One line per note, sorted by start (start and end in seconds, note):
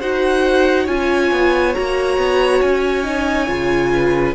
0.00 0.88 D#4
0.00 0.88 F#4
0.00 0.84 C5
0.00 0.87 F#5
0.84 1.32 C#4
0.84 1.74 F4
0.84 3.88 C#5
0.84 1.74 G#5
1.32 1.75 B3
1.74 2.17 A#3
1.74 3.04 F#4
1.74 2.61 A#5
2.17 2.61 B3
2.61 3.49 C#4
2.61 4.35 G#5
3.04 3.47 D#4
3.47 4.35 C#3
3.47 4.34 F4
3.92 4.35 B4